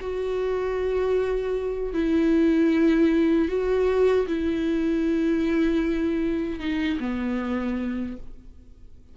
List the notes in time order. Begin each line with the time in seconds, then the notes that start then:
0.00 F#4
1.93 E4
3.48 F#4
4.27 E4
6.59 D#4
7.00 B3